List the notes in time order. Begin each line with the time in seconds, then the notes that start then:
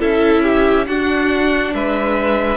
0.00 C#4 E4 A4 E5
0.43 G4
0.87 D4 F#4 F#5
1.75 G#3 B4 E5